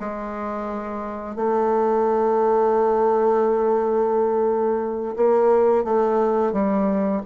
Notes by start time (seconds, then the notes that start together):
0.00 G#3
1.36 A3
5.17 A#3
5.85 A3
6.53 G3